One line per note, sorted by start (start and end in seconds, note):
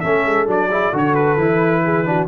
0.00 0.25 A3
0.00 0.46 C#4
0.00 0.69 A4
0.00 0.45 E5
0.25 0.47 G#3
0.46 0.92 F#3
0.46 0.69 D4
0.46 0.96 D5
0.71 0.92 E4
0.71 0.91 G#4
0.91 1.37 D3
0.91 1.38 F#4
0.91 1.82 A4
0.91 1.15 C#5
1.15 2.27 B4
1.37 2.27 E3
1.37 2.05 E4
1.84 2.07 G#4
2.05 2.28 D4
2.05 2.28 F#4